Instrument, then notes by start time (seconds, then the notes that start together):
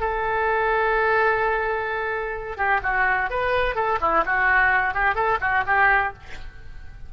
oboe
0.00 A4
2.57 G4
2.83 F#4
3.30 B4
3.75 A4
4.01 E4
4.26 F#4
4.95 G4
5.15 A4
5.41 F#4
5.67 G4